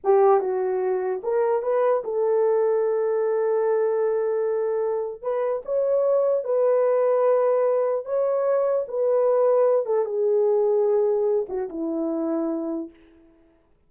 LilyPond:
\new Staff \with { instrumentName = "horn" } { \time 4/4 \tempo 4 = 149 g'4 fis'2 ais'4 | b'4 a'2.~ | a'1~ | a'4 b'4 cis''2 |
b'1 | cis''2 b'2~ | b'8 a'8 gis'2.~ | gis'8 fis'8 e'2. | }